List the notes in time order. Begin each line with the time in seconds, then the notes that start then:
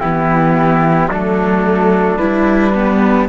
0.00 E3 B3 E4 G4
1.09 F#3 A3 D4 A4
2.17 G3 E4 B4
2.75 B3